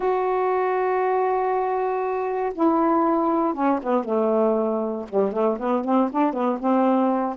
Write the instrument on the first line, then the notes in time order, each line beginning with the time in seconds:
saxophone
0.00 F#4
2.54 E4
3.54 C#4
3.83 B3
4.04 A3
5.09 G3
5.32 A3
5.59 B3
5.84 C4
6.11 D4
6.33 B3
6.59 C4